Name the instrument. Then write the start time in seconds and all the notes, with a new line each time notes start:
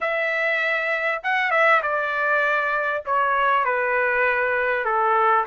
trumpet
0.00 E5
1.23 F#5
1.50 E5
1.82 D5
3.05 C#5
3.64 B4
4.84 A4